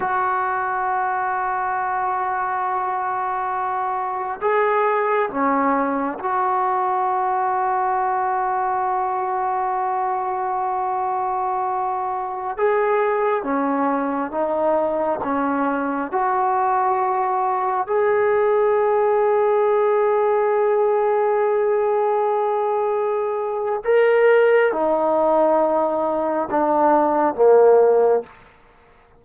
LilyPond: \new Staff \with { instrumentName = "trombone" } { \time 4/4 \tempo 4 = 68 fis'1~ | fis'4 gis'4 cis'4 fis'4~ | fis'1~ | fis'2~ fis'16 gis'4 cis'8.~ |
cis'16 dis'4 cis'4 fis'4.~ fis'16~ | fis'16 gis'2.~ gis'8.~ | gis'2. ais'4 | dis'2 d'4 ais4 | }